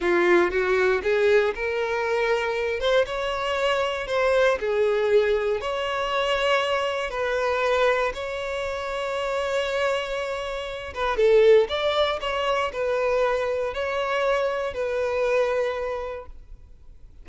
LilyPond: \new Staff \with { instrumentName = "violin" } { \time 4/4 \tempo 4 = 118 f'4 fis'4 gis'4 ais'4~ | ais'4. c''8 cis''2 | c''4 gis'2 cis''4~ | cis''2 b'2 |
cis''1~ | cis''4. b'8 a'4 d''4 | cis''4 b'2 cis''4~ | cis''4 b'2. | }